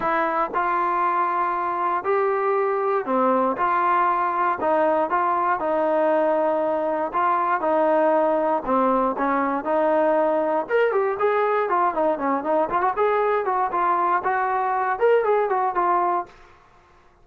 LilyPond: \new Staff \with { instrumentName = "trombone" } { \time 4/4 \tempo 4 = 118 e'4 f'2. | g'2 c'4 f'4~ | f'4 dis'4 f'4 dis'4~ | dis'2 f'4 dis'4~ |
dis'4 c'4 cis'4 dis'4~ | dis'4 ais'8 g'8 gis'4 f'8 dis'8 | cis'8 dis'8 f'16 fis'16 gis'4 fis'8 f'4 | fis'4. ais'8 gis'8 fis'8 f'4 | }